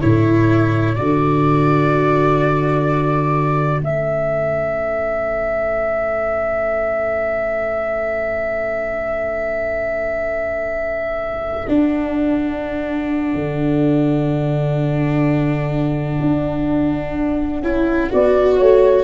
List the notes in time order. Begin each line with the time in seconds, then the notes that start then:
0.00 A2 E4 A4 C#5
0.95 D3 F#4 D5
3.82 A3 C#4 E5
11.68 D4 F#5
13.35 D3
16.21 D4
17.62 C#4 E4
18.11 B3 F#4 D5
18.58 A3 C#5